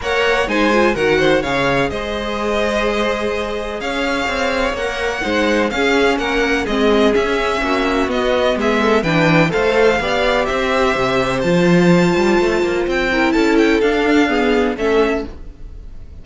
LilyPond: <<
  \new Staff \with { instrumentName = "violin" } { \time 4/4 \tempo 4 = 126 fis''4 gis''4 fis''4 f''4 | dis''1 | f''2 fis''2 | f''4 fis''4 dis''4 e''4~ |
e''4 dis''4 e''4 g''4 | f''2 e''2 | a''2. g''4 | a''8 g''8 f''2 e''4 | }
  \new Staff \with { instrumentName = "violin" } { \time 4/4 cis''4 c''4 ais'8 c''8 cis''4 | c''1 | cis''2. c''4 | gis'4 ais'4 gis'2 |
fis'2 gis'8 a'8 b'4 | c''4 d''4 c''2~ | c''2.~ c''8 ais'8 | a'2 gis'4 a'4 | }
  \new Staff \with { instrumentName = "viola" } { \time 4/4 ais'4 dis'8 f'8 fis'4 gis'4~ | gis'1~ | gis'2 ais'4 dis'4 | cis'2 c'4 cis'4~ |
cis'4 b2 d'4 | a'4 g'2. | f'2.~ f'8 e'8~ | e'4 d'4 b4 cis'4 | }
  \new Staff \with { instrumentName = "cello" } { \time 4/4 ais4 gis4 dis4 cis4 | gis1 | cis'4 c'4 ais4 gis4 | cis'4 ais4 gis4 cis'4 |
ais4 b4 gis4 e4 | a4 b4 c'4 c4 | f4. g8 a8 ais8 c'4 | cis'4 d'2 a4 | }
>>